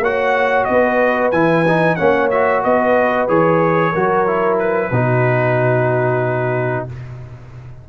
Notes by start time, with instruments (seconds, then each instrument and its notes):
0.00 tuba A#3, trombone F#4, horn C#5, trumpet F#5
0.65 tuba B3, horn B4, trumpet D#5
1.32 tuba E3, trombone E4, trumpet G#5
1.68 trombone D#4
1.96 tuba A#3, trombone C#4, horn C#5, trumpet F#5
2.31 trombone F#4, trumpet E5
2.64 tuba B3, horn B4, trumpet D#5
3.28 tuba E3, trombone G#4, trumpet C#5
3.92 tuba F#3, trombone F#4, horn A#4
4.27 trombone E4
4.59 trumpet B4
4.92 tuba B2, trombone D#4, horn F#4